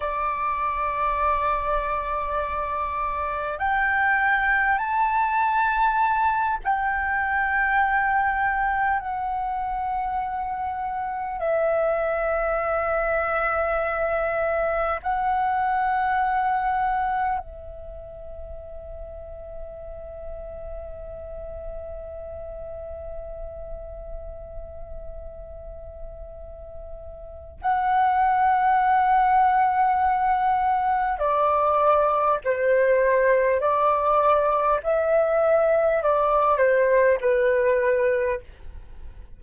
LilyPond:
\new Staff \with { instrumentName = "flute" } { \time 4/4 \tempo 4 = 50 d''2. g''4 | a''4. g''2 fis''8~ | fis''4. e''2~ e''8~ | e''8 fis''2 e''4.~ |
e''1~ | e''2. fis''4~ | fis''2 d''4 c''4 | d''4 e''4 d''8 c''8 b'4 | }